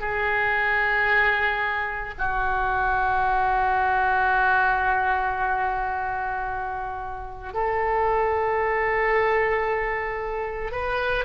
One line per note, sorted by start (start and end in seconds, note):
0.00 2.14 G#4
2.18 7.53 F#4
7.54 10.71 A4
10.71 11.25 B4